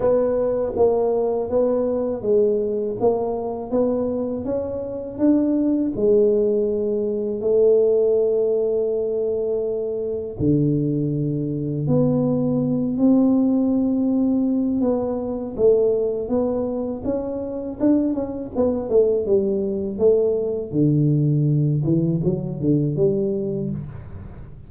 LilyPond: \new Staff \with { instrumentName = "tuba" } { \time 4/4 \tempo 4 = 81 b4 ais4 b4 gis4 | ais4 b4 cis'4 d'4 | gis2 a2~ | a2 d2 |
b4. c'2~ c'8 | b4 a4 b4 cis'4 | d'8 cis'8 b8 a8 g4 a4 | d4. e8 fis8 d8 g4 | }